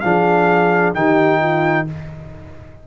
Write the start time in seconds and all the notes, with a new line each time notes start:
0.00 F3 D4 G#4 F5
0.94 D#3 D#4 G4 G5
1.40 F4